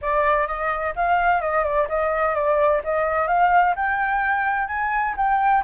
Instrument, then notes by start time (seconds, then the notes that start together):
flute
0.01 D5
0.47 D#5
0.95 F5
1.41 D#5
1.64 D5
1.88 D#5
2.34 D5
2.84 D#5
3.27 F5
3.75 G5
4.67 G#5
5.16 G5